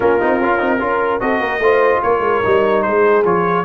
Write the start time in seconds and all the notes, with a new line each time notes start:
0.00 A#3 C#4 F4 A#4
0.20 C4 D#4
0.40 C#4 F4
0.58 C4 D#4
0.79 C#4 F4 A#4
1.20 C4 F#4 A4 D#5
1.39 A#3 A#4
1.58 A3 F4 C5
2.02 A#3 A#4 C#5
2.20 G#3
2.44 G3 D#4
2.82 G#3 G#4 C5
3.24 F3 F4 C#5